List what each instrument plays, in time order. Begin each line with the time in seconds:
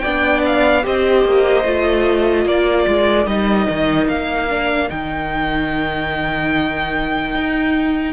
0.00 cello B3, viola D4, violin D5 G5
0.46 violin F5
0.83 cello C4, viola G4, violin C5 D#5
1.26 cello A#3
1.65 cello A3, viola F4
2.44 cello A#3, violin A#4 D5
2.88 cello G#3
3.27 cello G3, viola D#4, violin D#5
3.70 cello D#3
4.08 cello A#3, violin F5
4.50 viola D4
4.90 cello D#3, viola D#4, violin G5
7.35 cello D#4